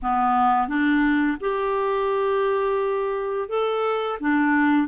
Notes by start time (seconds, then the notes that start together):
0.02 B3
0.68 D4
1.40 G4
3.49 A4
4.20 D4